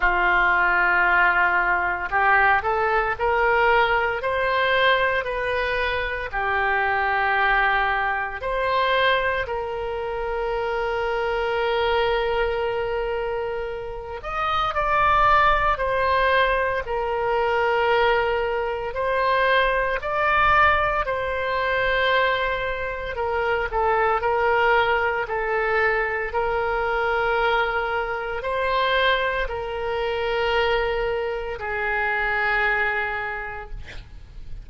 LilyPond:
\new Staff \with { instrumentName = "oboe" } { \time 4/4 \tempo 4 = 57 f'2 g'8 a'8 ais'4 | c''4 b'4 g'2 | c''4 ais'2.~ | ais'4. dis''8 d''4 c''4 |
ais'2 c''4 d''4 | c''2 ais'8 a'8 ais'4 | a'4 ais'2 c''4 | ais'2 gis'2 | }